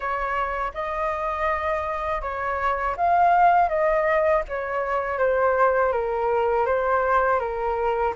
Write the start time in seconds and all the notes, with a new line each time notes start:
0.00 C#5
0.74 D#5
2.21 C#5
2.96 F5
3.68 D#5
4.48 C#5
5.18 C5
5.92 A#4
6.66 C5
7.39 A#4